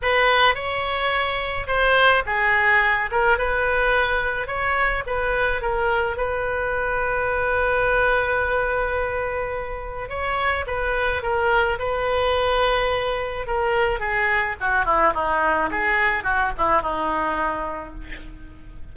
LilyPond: \new Staff \with { instrumentName = "oboe" } { \time 4/4 \tempo 4 = 107 b'4 cis''2 c''4 | gis'4. ais'8 b'2 | cis''4 b'4 ais'4 b'4~ | b'1~ |
b'2 cis''4 b'4 | ais'4 b'2. | ais'4 gis'4 fis'8 e'8 dis'4 | gis'4 fis'8 e'8 dis'2 | }